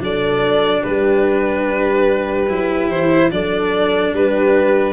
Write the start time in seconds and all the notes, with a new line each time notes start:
0.00 F#3 D4 A4 D5
0.81 G3 G4 B4
2.49 F#3 E4
2.89 E3 C5
3.31 F#3 D4 A4 D5
4.13 G3 G4 B4